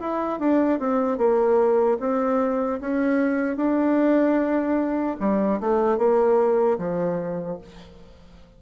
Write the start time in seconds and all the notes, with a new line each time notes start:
0.00 E4
0.40 D4
0.80 C4
1.18 A#3
2.00 C4
2.81 C#4
3.57 D4
5.20 G3
5.60 A3
5.98 A#3
6.79 F3